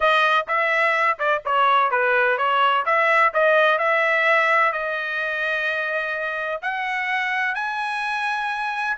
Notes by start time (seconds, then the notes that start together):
0.00 D#5
0.47 E5
1.18 D5
1.45 C#5
1.90 B4
2.37 C#5
2.85 E5
3.33 D#5
3.78 E5
4.72 D#5
6.62 F#5
7.55 G#5